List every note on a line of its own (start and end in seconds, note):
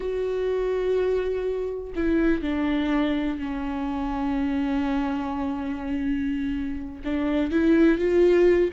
0.00 1.93 F#4
1.95 2.42 E4
2.42 3.38 D4
3.38 7.01 C#4
7.04 7.51 D4
7.51 7.98 E4
7.98 8.71 F4